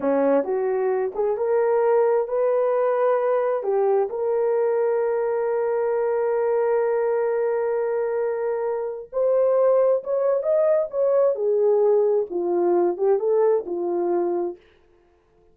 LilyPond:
\new Staff \with { instrumentName = "horn" } { \time 4/4 \tempo 4 = 132 cis'4 fis'4. gis'8 ais'4~ | ais'4 b'2. | g'4 ais'2.~ | ais'1~ |
ais'1 | c''2 cis''4 dis''4 | cis''4 gis'2 f'4~ | f'8 g'8 a'4 f'2 | }